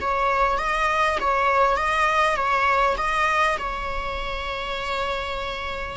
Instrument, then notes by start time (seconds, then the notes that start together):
viola
0.00 C#5
0.58 D#5
1.20 C#5
1.76 D#5
2.36 C#5
2.97 D#5
3.58 C#5